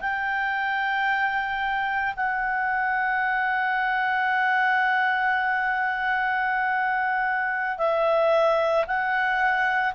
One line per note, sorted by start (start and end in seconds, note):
0.00 2.14 G5
2.16 7.78 F#5
7.78 8.85 E5
8.86 9.94 F#5